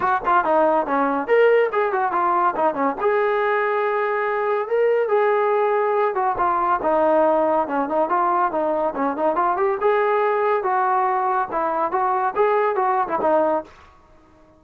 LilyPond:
\new Staff \with { instrumentName = "trombone" } { \time 4/4 \tempo 4 = 141 fis'8 f'8 dis'4 cis'4 ais'4 | gis'8 fis'8 f'4 dis'8 cis'8 gis'4~ | gis'2. ais'4 | gis'2~ gis'8 fis'8 f'4 |
dis'2 cis'8 dis'8 f'4 | dis'4 cis'8 dis'8 f'8 g'8 gis'4~ | gis'4 fis'2 e'4 | fis'4 gis'4 fis'8. e'16 dis'4 | }